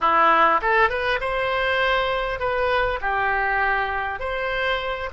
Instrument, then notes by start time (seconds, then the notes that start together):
oboe
0.00 E4
0.61 A4
0.89 B4
1.20 C5
2.39 B4
3.01 G4
4.19 C5